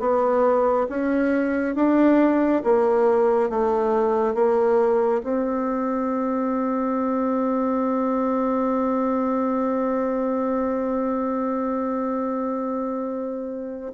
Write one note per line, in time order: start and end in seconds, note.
0.00 0.87 B3
0.89 1.75 C#4
1.75 2.62 D4
2.64 3.50 A#3
3.50 4.35 A3
4.35 5.22 A#3
5.24 13.93 C4